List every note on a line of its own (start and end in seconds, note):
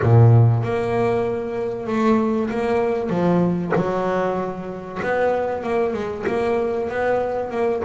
0.02 0.63 A#2
0.63 1.87 A#3
1.87 2.49 A3
2.49 3.09 A#3
3.09 3.72 F3
3.75 5.00 F#3
5.02 5.63 B3
5.63 5.93 A#3
5.93 6.24 G#3
6.26 6.89 A#3
6.89 7.50 B3
7.50 7.82 A#3